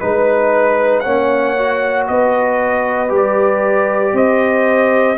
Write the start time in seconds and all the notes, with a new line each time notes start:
0.00 G#3 D#4 B4
1.00 A#3 C#4 C#5 F#5
1.58 F#4
2.08 B3 B4 D#5
3.09 G3 G4
3.16 D5
4.13 C4 C5 D#5